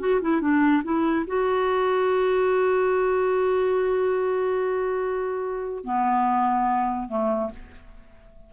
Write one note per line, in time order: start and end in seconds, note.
0.00 0.21 F#4
0.22 0.41 E4
0.41 0.83 D4
0.84 1.26 E4
1.27 5.84 F#4
5.84 7.09 B3
7.09 7.50 A3